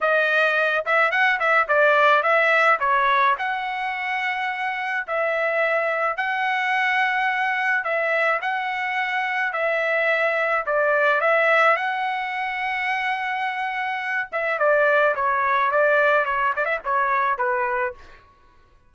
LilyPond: \new Staff \with { instrumentName = "trumpet" } { \time 4/4 \tempo 4 = 107 dis''4. e''8 fis''8 e''8 d''4 | e''4 cis''4 fis''2~ | fis''4 e''2 fis''4~ | fis''2 e''4 fis''4~ |
fis''4 e''2 d''4 | e''4 fis''2.~ | fis''4. e''8 d''4 cis''4 | d''4 cis''8 d''16 e''16 cis''4 b'4 | }